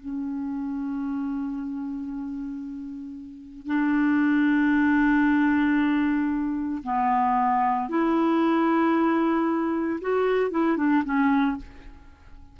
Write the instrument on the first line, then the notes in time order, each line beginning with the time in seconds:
clarinet
0.00 C#4
3.67 D4
6.84 B3
7.90 E4
10.01 F#4
10.51 E4
10.78 D4
11.05 C#4